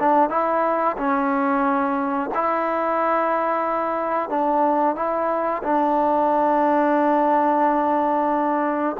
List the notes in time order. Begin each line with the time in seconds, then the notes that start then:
0.00 D4
0.30 E4
0.98 C#4
2.35 E4
4.30 D4
4.96 E4
5.64 D4